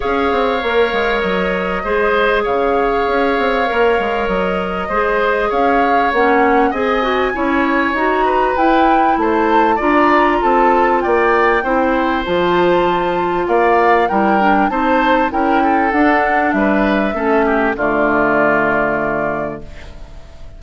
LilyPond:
<<
  \new Staff \with { instrumentName = "flute" } { \time 4/4 \tempo 4 = 98 f''2 dis''2 | f''2. dis''4~ | dis''4 f''4 fis''4 gis''4~ | gis''4 ais''4 g''4 a''4 |
ais''4 a''4 g''2 | a''2 f''4 g''4 | a''4 g''4 fis''4 e''4~ | e''4 d''2. | }
  \new Staff \with { instrumentName = "oboe" } { \time 4/4 cis''2. c''4 | cis''1 | c''4 cis''2 dis''4 | cis''4. b'4. c''4 |
d''4 a'4 d''4 c''4~ | c''2 d''4 ais'4 | c''4 ais'8 a'4. b'4 | a'8 g'8 f'2. | }
  \new Staff \with { instrumentName = "clarinet" } { \time 4/4 gis'4 ais'2 gis'4~ | gis'2 ais'2 | gis'2 cis'4 gis'8 fis'8 | e'4 fis'4 e'2 |
f'2. e'4 | f'2. e'8 d'8 | dis'4 e'4 d'2 | cis'4 a2. | }
  \new Staff \with { instrumentName = "bassoon" } { \time 4/4 cis'8 c'8 ais8 gis8 fis4 gis4 | cis4 cis'8 c'8 ais8 gis8 fis4 | gis4 cis'4 ais4 c'4 | cis'4 dis'4 e'4 a4 |
d'4 c'4 ais4 c'4 | f2 ais4 g4 | c'4 cis'4 d'4 g4 | a4 d2. | }
>>